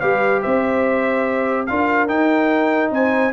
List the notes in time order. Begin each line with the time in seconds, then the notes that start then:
0.00 G3 G4 B4 F5
0.41 C4 C5 E5
1.66 D4 F4 A#4 F5
2.08 D#4 G5
2.91 C4 C5 G#5